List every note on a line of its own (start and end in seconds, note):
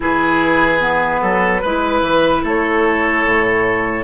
0.00 1.22 E3
0.00 0.80 E4
0.00 1.21 G#4
0.00 2.44 B4
0.80 1.61 B3
1.21 1.62 F#3
1.21 1.61 A4
1.61 2.01 G#3
1.61 4.04 E4
1.61 2.42 B4
2.01 2.42 E3
2.43 3.24 A3
2.43 4.04 A4
2.43 4.04 C#5
3.25 4.04 A2